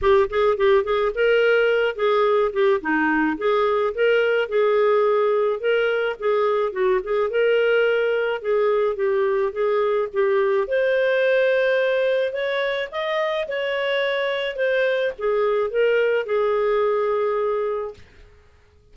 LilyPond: \new Staff \with { instrumentName = "clarinet" } { \time 4/4 \tempo 4 = 107 g'8 gis'8 g'8 gis'8 ais'4. gis'8~ | gis'8 g'8 dis'4 gis'4 ais'4 | gis'2 ais'4 gis'4 | fis'8 gis'8 ais'2 gis'4 |
g'4 gis'4 g'4 c''4~ | c''2 cis''4 dis''4 | cis''2 c''4 gis'4 | ais'4 gis'2. | }